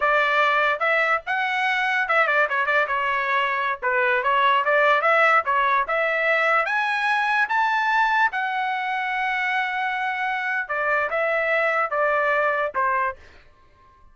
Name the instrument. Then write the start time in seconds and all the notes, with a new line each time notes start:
trumpet
0.00 D5
0.79 E5
1.26 F#5
2.08 E5
2.27 D5
2.49 C#5
2.66 D5
2.87 C#5
3.82 B4
4.23 C#5
4.64 D5
5.01 E5
5.45 C#5
5.87 E5
6.65 G#5
7.49 A5
8.31 F#5
10.68 D5
11.10 E5
11.90 D5
12.74 C5